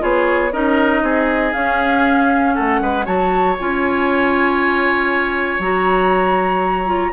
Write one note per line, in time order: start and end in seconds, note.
0.00 0.53 B3
0.00 0.51 F4
0.00 0.53 G#4
0.00 0.53 C#5
0.53 1.02 C#4
0.53 1.54 D#4
0.53 1.04 A#4
0.53 1.53 D#5
1.02 1.53 C4
1.02 2.55 G#4
1.53 3.05 C#4
1.53 2.57 C#4
1.53 2.55 F5
2.55 2.81 A3
2.55 2.81 A4
2.55 3.06 F#5
2.81 3.07 G#3
2.81 3.06 B4
3.05 3.58 F#3
3.05 3.56 F#4
3.05 7.12 C#5
3.05 3.57 A5
3.60 5.59 C#4
3.60 5.62 F4
3.60 5.62 G#5
5.59 7.12 F#3
5.59 6.87 F#4
5.59 7.13 A#5
6.87 7.12 F4